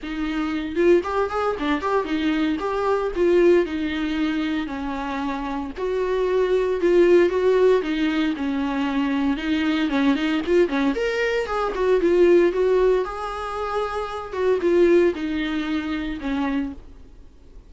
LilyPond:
\new Staff \with { instrumentName = "viola" } { \time 4/4 \tempo 4 = 115 dis'4. f'8 g'8 gis'8 d'8 g'8 | dis'4 g'4 f'4 dis'4~ | dis'4 cis'2 fis'4~ | fis'4 f'4 fis'4 dis'4 |
cis'2 dis'4 cis'8 dis'8 | f'8 cis'8 ais'4 gis'8 fis'8 f'4 | fis'4 gis'2~ gis'8 fis'8 | f'4 dis'2 cis'4 | }